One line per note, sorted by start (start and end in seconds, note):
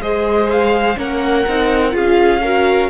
0.00 0.97 G#3
0.00 0.97 G#4
0.00 0.98 C5
0.00 0.51 D#5
0.51 0.99 F5
0.97 1.46 A#3
0.97 1.45 C#4
0.97 1.95 A#4
0.97 1.97 F#5
1.47 1.95 C4
1.47 1.91 D#4
1.91 2.90 C#4
1.91 2.40 F4
1.91 2.42 G#4
1.91 2.90 F5
2.42 2.90 F#4
2.42 2.90 A#4